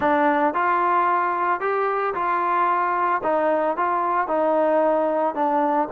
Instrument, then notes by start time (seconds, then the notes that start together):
trombone
0.00 D4
0.54 F4
1.60 G4
2.14 F4
3.23 D#4
3.76 F4
4.27 D#4
5.34 D4